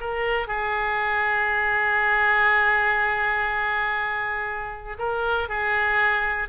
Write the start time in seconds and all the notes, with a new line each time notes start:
0.00 A#4
0.47 G#4
4.99 A#4
5.49 G#4